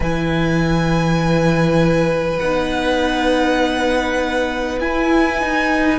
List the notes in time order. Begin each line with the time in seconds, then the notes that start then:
0.00 E3 E4 B4 G#5
2.38 B3 D#4 F#5
4.79 E4 G#5
5.40 D#4